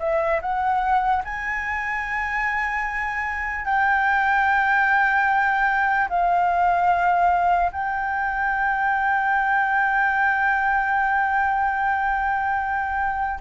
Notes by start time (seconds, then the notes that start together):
0.00 E5
0.42 F#5
1.25 G#5
3.66 G5
6.10 F5
7.72 G5